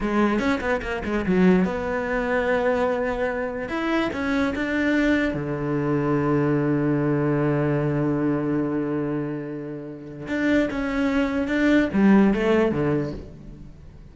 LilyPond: \new Staff \with { instrumentName = "cello" } { \time 4/4 \tempo 4 = 146 gis4 cis'8 b8 ais8 gis8 fis4 | b1~ | b4 e'4 cis'4 d'4~ | d'4 d2.~ |
d1~ | d1~ | d4 d'4 cis'2 | d'4 g4 a4 d4 | }